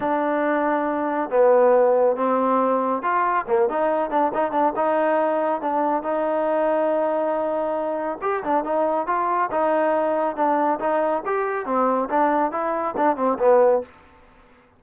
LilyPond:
\new Staff \with { instrumentName = "trombone" } { \time 4/4 \tempo 4 = 139 d'2. b4~ | b4 c'2 f'4 | ais8 dis'4 d'8 dis'8 d'8 dis'4~ | dis'4 d'4 dis'2~ |
dis'2. g'8 d'8 | dis'4 f'4 dis'2 | d'4 dis'4 g'4 c'4 | d'4 e'4 d'8 c'8 b4 | }